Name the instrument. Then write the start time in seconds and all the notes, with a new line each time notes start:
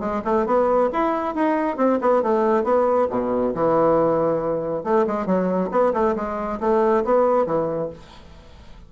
bassoon
0.00 G#3
0.25 A3
0.46 B3
0.93 E4
1.35 D#4
1.77 C4
2.01 B3
2.23 A3
2.64 B3
3.10 B2
3.55 E3
4.84 A3
5.07 G#3
5.26 F#3
5.71 B3
5.93 A3
6.16 G#3
6.61 A3
7.05 B3
7.46 E3